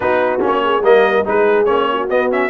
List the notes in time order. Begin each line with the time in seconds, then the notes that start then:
0.00 B3 D#4 F#4 B4
0.40 A#3 C#4 C#5
0.63 G#4
0.81 G3 A#3 A#4 D#5
1.24 G#3 D#4 G#4 B4
1.65 A#3 C#4 C#5
1.92 F#4
2.09 B3 D#5
2.31 C#4 E5